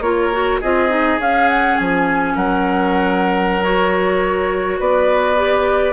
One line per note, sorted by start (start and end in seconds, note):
0.00 0.58 A#3
0.00 0.32 F4
0.00 0.60 A#4
0.00 0.59 C#5
0.32 0.61 F#4
0.60 1.19 C4
0.60 0.89 F4
0.60 2.33 G#4
0.60 1.20 D#5
0.89 1.18 D#4
1.19 1.76 C#4
1.19 3.62 C#4
1.19 1.49 F5
1.49 1.77 F#5
1.77 2.36 F3
1.77 2.35 G#5
2.35 4.80 F#3
2.35 4.79 A#4
2.35 3.63 F#5
3.62 5.36 F#4
3.62 4.79 C#5
4.79 5.93 B3
4.79 5.93 B4
4.79 5.93 D5
5.36 5.93 G4